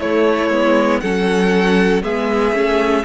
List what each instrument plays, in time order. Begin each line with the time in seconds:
0.00 cello A3, viola A3, violin E4 C#5
0.50 cello G#3, viola B3
1.01 cello F#3, viola C#4, violin A4 F#5
2.03 cello G#3, viola B3, violin G#4 E5
2.53 cello A3, viola C#4